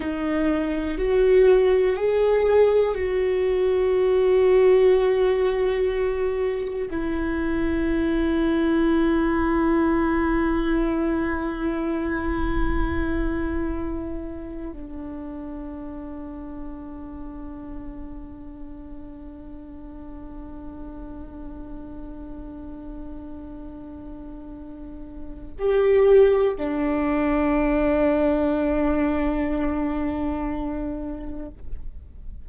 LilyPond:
\new Staff \with { instrumentName = "viola" } { \time 4/4 \tempo 4 = 61 dis'4 fis'4 gis'4 fis'4~ | fis'2. e'4~ | e'1~ | e'2. d'4~ |
d'1~ | d'1~ | d'2 g'4 d'4~ | d'1 | }